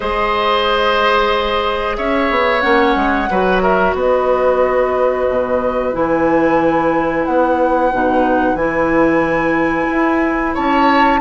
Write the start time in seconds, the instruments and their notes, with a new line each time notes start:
0.00 bassoon G#3, clarinet G#4, oboe C5, flute D#5
1.97 bassoon C#4, oboe C#5, flute E5
2.30 bassoon B3
2.61 bassoon A#3, clarinet C#4, flute F#5
2.95 bassoon G#3
3.30 bassoon F#3, clarinet F#4, oboe B4
3.62 oboe A#4, flute E5
3.94 bassoon B3, oboe B4, flute D#5
5.28 bassoon B2
5.92 bassoon E3, clarinet E4, flute G#5
7.25 bassoon B3, flute F#5
7.92 bassoon B2, clarinet D#4
8.54 bassoon E3, clarinet E4, flute G#5
9.90 bassoon E4
10.54 bassoon C#4, oboe C#5, flute A5